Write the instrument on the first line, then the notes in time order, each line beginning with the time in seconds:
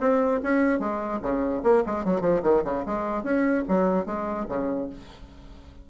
bassoon
0.00 C4
0.42 C#4
0.79 G#3
1.22 C#3
1.63 A#3
1.86 G#3
2.04 F#3
2.21 F3
2.43 D#3
2.64 C#3
2.85 G#3
3.23 C#4
3.68 F#3
4.05 G#3
4.48 C#3